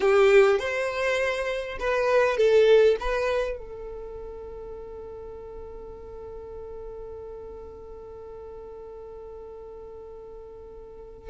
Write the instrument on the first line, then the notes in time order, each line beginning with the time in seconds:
violin
0.00 G4
0.59 C5
1.79 B4
2.37 A4
2.99 B4
3.58 A4